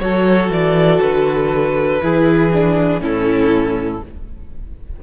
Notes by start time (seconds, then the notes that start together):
0.00 F#3 F#4 A4 C#5
0.50 E3 D5
1.02 D3 B4
2.02 E3 E4 G#4
2.54 D4
3.00 A2 C#4 E4 A4